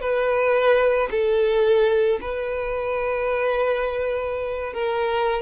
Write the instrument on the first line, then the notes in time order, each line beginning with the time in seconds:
violin
0.00 B4
1.11 A4
2.20 B4
4.73 A#4